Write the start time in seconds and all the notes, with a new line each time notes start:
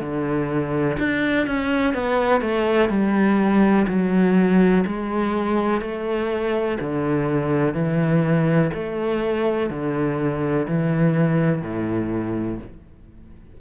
0.00 D3
0.99 D4
1.46 C#4
1.94 B3
2.41 A3
2.89 G3
3.88 F#3
4.87 G#3
5.81 A3
6.80 D3
7.74 E3
8.74 A3
9.70 D3
10.68 E3
11.62 A2